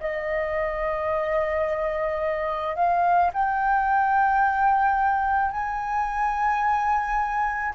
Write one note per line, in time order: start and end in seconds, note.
0.00 2.75 D#5
2.75 3.31 F5
3.33 5.51 G5
5.51 7.73 G#5